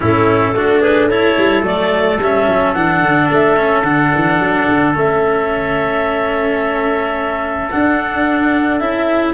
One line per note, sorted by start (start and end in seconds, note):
0.00 0.52 A2
0.00 0.55 C#4
0.00 0.54 E4
0.00 0.81 A4
0.52 1.35 A3
0.52 1.10 D4
0.52 0.81 F#4
0.81 1.08 G#4
0.81 1.08 B4
1.09 1.62 E4
1.09 9.33 A4
1.09 1.64 C#5
1.37 1.62 G3
1.62 2.17 F#3
1.62 2.18 A3
1.62 2.20 D5
2.19 2.46 G3
2.19 2.75 C#4
2.19 2.73 E5
2.48 2.75 F#3
2.73 3.01 E3
2.73 3.56 D4
2.73 3.28 F#5
3.01 3.29 D3
3.30 3.83 A3
3.30 3.82 E5
3.56 3.83 C#4
3.82 4.11 D3
3.82 4.94 D4
3.82 4.93 F#5
4.15 4.39 E3
4.39 4.66 F#3
4.68 4.95 D3
4.94 7.70 A3
4.94 7.69 C#4
4.94 7.70 E5
7.70 8.80 D4
7.70 8.79 F#5
8.79 9.33 C#4
8.79 9.33 E4
8.79 9.33 E5